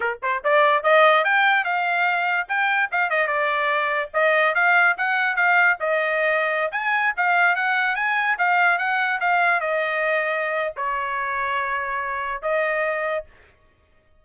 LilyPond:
\new Staff \with { instrumentName = "trumpet" } { \time 4/4 \tempo 4 = 145 ais'8 c''8 d''4 dis''4 g''4 | f''2 g''4 f''8 dis''8 | d''2 dis''4 f''4 | fis''4 f''4 dis''2~ |
dis''16 gis''4 f''4 fis''4 gis''8.~ | gis''16 f''4 fis''4 f''4 dis''8.~ | dis''2 cis''2~ | cis''2 dis''2 | }